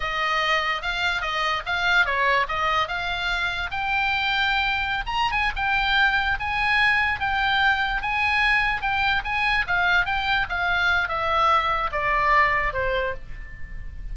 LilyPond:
\new Staff \with { instrumentName = "oboe" } { \time 4/4 \tempo 4 = 146 dis''2 f''4 dis''4 | f''4 cis''4 dis''4 f''4~ | f''4 g''2.~ | g''16 ais''8. gis''8 g''2 gis''8~ |
gis''4. g''2 gis''8~ | gis''4. g''4 gis''4 f''8~ | f''8 g''4 f''4. e''4~ | e''4 d''2 c''4 | }